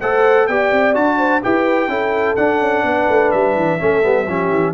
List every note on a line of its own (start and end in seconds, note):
0.00 0.48 A3
0.00 0.49 A4
0.00 0.48 C5
0.00 0.47 F#5
0.47 0.71 B3
0.47 0.93 G4
0.47 1.17 D5
0.47 0.94 G5
0.71 0.95 C4
0.93 1.42 D4
0.93 1.41 F#4
0.93 1.42 A5
1.17 1.41 C5
1.42 1.87 E4
1.42 1.88 G4
1.42 1.89 B4
1.42 2.36 G5
1.87 2.35 C#4
1.87 2.36 E4
1.87 2.84 A4
2.36 3.79 D4
2.36 2.59 D4
2.36 3.31 F#5
2.59 2.83 C#4
2.83 3.07 B3
2.83 3.80 B4
3.08 3.32 A3
3.31 3.55 G3
3.31 4.73 E5
3.55 3.79 E3
3.79 4.03 A3
3.79 4.02 C#4
3.79 4.28 A4
4.02 4.27 G3
4.02 4.26 B3
4.27 4.50 F3
4.27 4.73 C#4
4.27 4.73 G4
4.50 4.73 E3